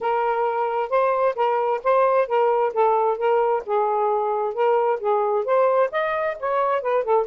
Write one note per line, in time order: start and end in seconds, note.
0.00 0.89 A#4
0.89 1.35 C5
1.35 1.81 A#4
1.83 2.27 C5
2.27 2.73 A#4
2.73 3.17 A4
3.17 3.63 A#4
3.66 4.54 G#4
4.54 4.99 A#4
5.00 5.44 G#4
5.44 5.90 C5
5.91 6.37 D#5
6.39 6.81 C#5
6.81 7.03 B4
7.03 7.26 A4